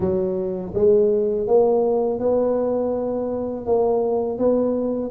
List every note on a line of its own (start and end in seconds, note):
0.00 0.73 F#3
0.74 1.47 G#3
1.47 2.20 A#3
2.20 3.66 B3
3.66 4.38 A#3
4.38 5.11 B3